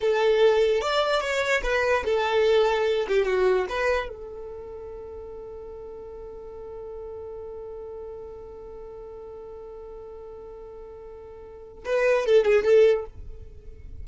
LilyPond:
\new Staff \with { instrumentName = "violin" } { \time 4/4 \tempo 4 = 147 a'2 d''4 cis''4 | b'4 a'2~ a'8 g'8 | fis'4 b'4 a'2~ | a'1~ |
a'1~ | a'1~ | a'1~ | a'4 b'4 a'8 gis'8 a'4 | }